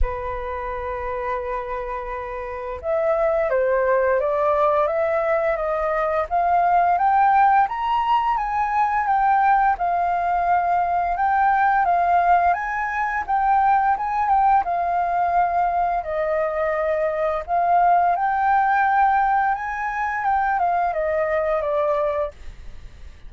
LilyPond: \new Staff \with { instrumentName = "flute" } { \time 4/4 \tempo 4 = 86 b'1 | e''4 c''4 d''4 e''4 | dis''4 f''4 g''4 ais''4 | gis''4 g''4 f''2 |
g''4 f''4 gis''4 g''4 | gis''8 g''8 f''2 dis''4~ | dis''4 f''4 g''2 | gis''4 g''8 f''8 dis''4 d''4 | }